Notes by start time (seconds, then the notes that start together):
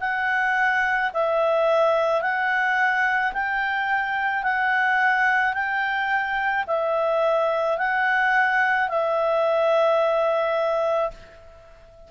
0.00 F#5
1.14 E5
2.22 F#5
3.33 G5
4.43 F#5
5.54 G5
6.67 E5
7.78 F#5
8.89 E5